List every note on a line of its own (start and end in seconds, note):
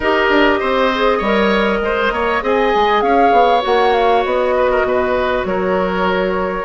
0.00 0.29 D#4
0.00 0.93 G4
0.00 0.59 A#4
0.00 2.44 D#5
0.29 0.59 D4
0.59 1.21 C4
0.59 1.18 C5
0.94 1.24 G#4
1.18 1.81 G3
1.18 1.78 C#5
1.24 2.41 A#4
1.81 2.11 G#3
1.81 2.13 C5
2.11 2.41 A#3
2.11 2.43 C#5
2.41 2.72 C4
2.41 3.61 G#4
2.41 3.03 D#5
2.41 3.01 G#5
2.75 3.02 G#3
3.01 3.32 C#4
3.01 4.55 C#5
3.01 3.61 F5
3.32 3.62 B3
3.61 4.24 A#3
3.61 6.64 F#4
3.61 3.93 F#5
3.93 4.24 F5
4.24 4.82 B3
4.24 5.44 D#5
4.56 4.70 B4
4.70 4.85 A#4
4.82 5.43 B2
4.82 5.47 B4
5.44 6.64 F#3
5.44 6.64 A#4
5.44 6.64 C#5